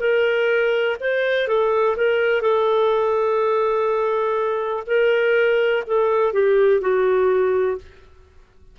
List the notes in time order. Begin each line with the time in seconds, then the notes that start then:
0.00 A#4
1.00 C5
1.48 A4
1.97 A#4
2.41 A4
4.87 A#4
5.87 A4
6.33 G4
6.81 F#4